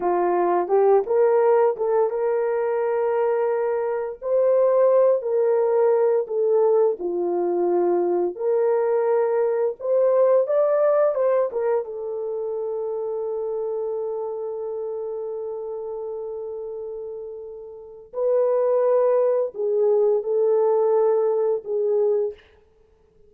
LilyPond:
\new Staff \with { instrumentName = "horn" } { \time 4/4 \tempo 4 = 86 f'4 g'8 ais'4 a'8 ais'4~ | ais'2 c''4. ais'8~ | ais'4 a'4 f'2 | ais'2 c''4 d''4 |
c''8 ais'8 a'2.~ | a'1~ | a'2 b'2 | gis'4 a'2 gis'4 | }